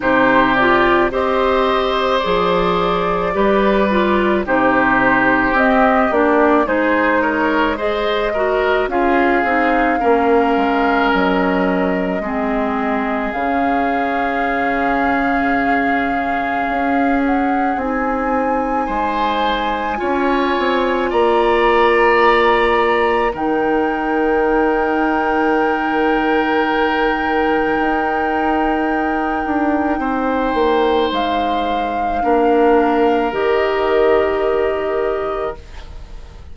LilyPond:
<<
  \new Staff \with { instrumentName = "flute" } { \time 4/4 \tempo 4 = 54 c''8 d''8 dis''4 d''2 | c''4 dis''8 d''8 c''8 cis''8 dis''4 | f''2 dis''2 | f''2.~ f''8 fis''8 |
gis''2. ais''4~ | ais''4 g''2.~ | g''1 | f''2 dis''2 | }
  \new Staff \with { instrumentName = "oboe" } { \time 4/4 g'4 c''2 b'4 | g'2 gis'8 ais'8 c''8 ais'8 | gis'4 ais'2 gis'4~ | gis'1~ |
gis'4 c''4 cis''4 d''4~ | d''4 ais'2.~ | ais'2. c''4~ | c''4 ais'2. | }
  \new Staff \with { instrumentName = "clarinet" } { \time 4/4 dis'8 f'8 g'4 gis'4 g'8 f'8 | dis'4 c'8 d'8 dis'4 gis'8 fis'8 | f'8 dis'8 cis'2 c'4 | cis'1 |
dis'2 f'2~ | f'4 dis'2.~ | dis'1~ | dis'4 d'4 g'2 | }
  \new Staff \with { instrumentName = "bassoon" } { \time 4/4 c4 c'4 f4 g4 | c4 c'8 ais8 gis2 | cis'8 c'8 ais8 gis8 fis4 gis4 | cis2. cis'4 |
c'4 gis4 cis'8 c'8 ais4~ | ais4 dis2.~ | dis4 dis'4. d'8 c'8 ais8 | gis4 ais4 dis2 | }
>>